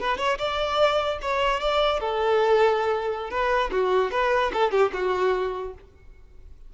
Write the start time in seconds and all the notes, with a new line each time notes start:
0.00 B4
0.18 C#5
0.38 D5
1.22 C#5
1.61 D5
2.00 A4
3.30 B4
3.72 F#4
4.11 B4
4.53 A4
4.72 G4
4.93 F#4